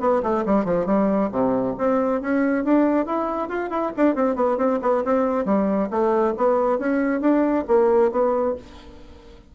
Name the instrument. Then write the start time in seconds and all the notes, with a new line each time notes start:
bassoon
0.00 B3
0.23 A3
0.46 G3
0.65 F3
0.86 G3
1.31 C3
1.78 C4
2.21 C#4
2.64 D4
3.06 E4
3.49 F4
3.70 E4
3.97 D4
4.15 C4
4.36 B3
4.57 C4
4.82 B3
5.04 C4
5.45 G3
5.90 A3
6.37 B3
6.79 C#4
7.21 D4
7.68 A#3
8.11 B3